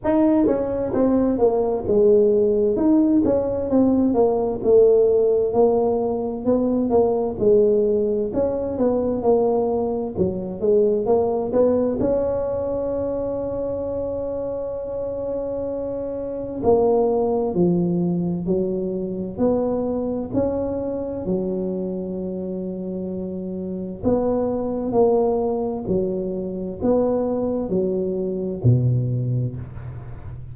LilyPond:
\new Staff \with { instrumentName = "tuba" } { \time 4/4 \tempo 4 = 65 dis'8 cis'8 c'8 ais8 gis4 dis'8 cis'8 | c'8 ais8 a4 ais4 b8 ais8 | gis4 cis'8 b8 ais4 fis8 gis8 | ais8 b8 cis'2.~ |
cis'2 ais4 f4 | fis4 b4 cis'4 fis4~ | fis2 b4 ais4 | fis4 b4 fis4 b,4 | }